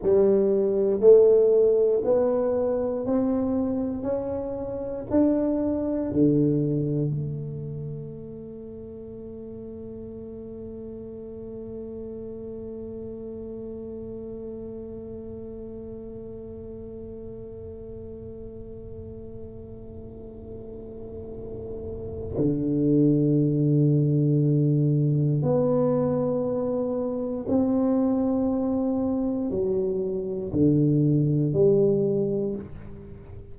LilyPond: \new Staff \with { instrumentName = "tuba" } { \time 4/4 \tempo 4 = 59 g4 a4 b4 c'4 | cis'4 d'4 d4 a4~ | a1~ | a1~ |
a1~ | a2 d2~ | d4 b2 c'4~ | c'4 fis4 d4 g4 | }